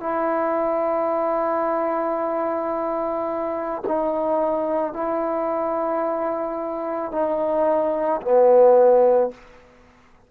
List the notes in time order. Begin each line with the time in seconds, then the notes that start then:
0.00 E4
3.87 D#4
4.93 E4
7.12 D#4
8.22 B3